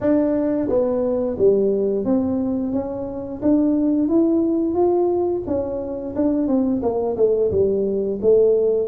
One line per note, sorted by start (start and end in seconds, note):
0.00 0.68 D4
0.69 1.37 B3
1.38 2.05 G3
2.05 2.73 C4
2.73 3.41 C#4
3.42 4.08 D4
4.08 4.74 E4
4.74 5.42 F4
5.46 6.15 C#4
6.15 6.47 D4
6.47 6.82 C4
6.82 7.16 A#3
7.17 7.51 A3
7.51 8.19 G3
8.21 8.88 A3